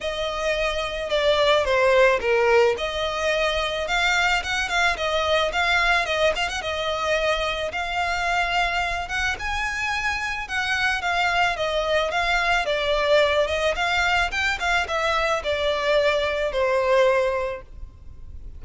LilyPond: \new Staff \with { instrumentName = "violin" } { \time 4/4 \tempo 4 = 109 dis''2 d''4 c''4 | ais'4 dis''2 f''4 | fis''8 f''8 dis''4 f''4 dis''8 f''16 fis''16 | dis''2 f''2~ |
f''8 fis''8 gis''2 fis''4 | f''4 dis''4 f''4 d''4~ | d''8 dis''8 f''4 g''8 f''8 e''4 | d''2 c''2 | }